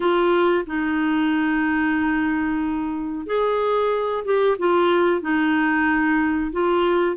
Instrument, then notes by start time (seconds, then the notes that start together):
clarinet
0.00 F4
0.66 D#4
3.26 G#4
4.24 G4
4.58 F4
5.21 D#4
6.52 F4